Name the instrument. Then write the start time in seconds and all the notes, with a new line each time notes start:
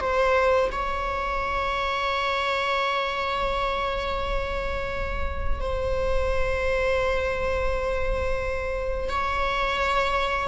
viola
0.00 C5
0.71 C#5
5.60 C5
9.09 C#5